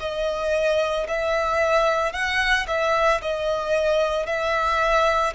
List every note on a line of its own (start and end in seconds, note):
0.00 1.07 D#5
1.09 2.13 E5
2.13 2.67 F#5
2.68 3.21 E5
3.22 4.27 D#5
4.27 5.34 E5